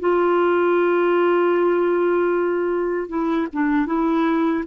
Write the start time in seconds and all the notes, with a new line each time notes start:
0.00 F4
3.09 E4
3.53 D4
3.86 E4